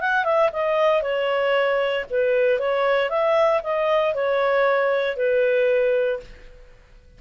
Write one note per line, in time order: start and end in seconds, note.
0.00 0.24 F#5
0.24 0.50 E5
0.52 1.02 D#5
1.02 2.05 C#5
2.10 2.59 B4
2.59 3.09 C#5
3.09 3.61 E5
3.63 4.14 D#5
4.14 5.16 C#5
5.16 6.20 B4